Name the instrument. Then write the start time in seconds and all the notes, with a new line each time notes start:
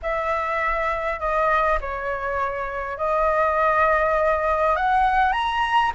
flute
0.02 E5
1.19 D#5
1.81 C#5
2.97 D#5
4.76 F#5
5.32 A#5